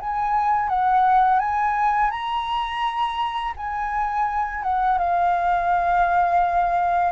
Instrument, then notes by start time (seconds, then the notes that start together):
flute
0.00 G#5
0.69 F#5
1.40 G#5
2.11 A#5
3.56 G#5
4.63 F#5
4.98 F5